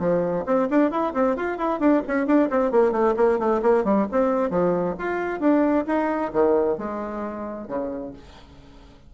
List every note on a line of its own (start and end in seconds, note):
0.00 0.45 F3
0.46 0.69 C4
0.71 0.91 D4
0.91 1.14 E4
1.14 1.37 C4
1.37 1.58 F4
1.58 1.80 E4
1.80 2.03 D4
2.08 2.27 C#4
2.27 2.50 D4
2.51 2.72 C4
2.72 2.92 A#3
2.92 3.15 A3
3.17 3.40 A#3
3.40 3.62 A3
3.63 3.84 A#3
3.84 4.07 G3
4.12 4.51 C4
4.51 4.96 F3
4.99 5.41 F4
5.41 5.86 D4
5.87 6.32 D#4
6.33 6.78 D#3
6.78 7.68 G#3
7.68 8.13 C#3